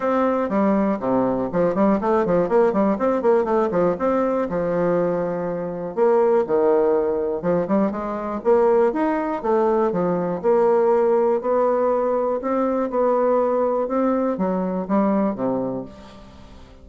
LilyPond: \new Staff \with { instrumentName = "bassoon" } { \time 4/4 \tempo 4 = 121 c'4 g4 c4 f8 g8 | a8 f8 ais8 g8 c'8 ais8 a8 f8 | c'4 f2. | ais4 dis2 f8 g8 |
gis4 ais4 dis'4 a4 | f4 ais2 b4~ | b4 c'4 b2 | c'4 fis4 g4 c4 | }